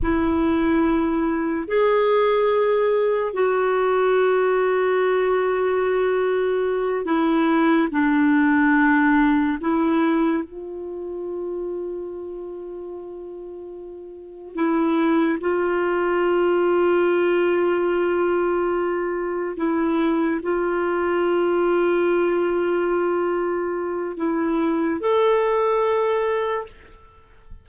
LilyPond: \new Staff \with { instrumentName = "clarinet" } { \time 4/4 \tempo 4 = 72 e'2 gis'2 | fis'1~ | fis'8 e'4 d'2 e'8~ | e'8 f'2.~ f'8~ |
f'4. e'4 f'4.~ | f'2.~ f'8 e'8~ | e'8 f'2.~ f'8~ | f'4 e'4 a'2 | }